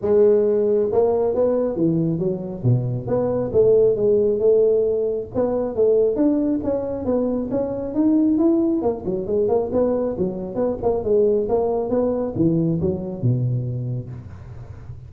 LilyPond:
\new Staff \with { instrumentName = "tuba" } { \time 4/4 \tempo 4 = 136 gis2 ais4 b4 | e4 fis4 b,4 b4 | a4 gis4 a2 | b4 a4 d'4 cis'4 |
b4 cis'4 dis'4 e'4 | ais8 fis8 gis8 ais8 b4 fis4 | b8 ais8 gis4 ais4 b4 | e4 fis4 b,2 | }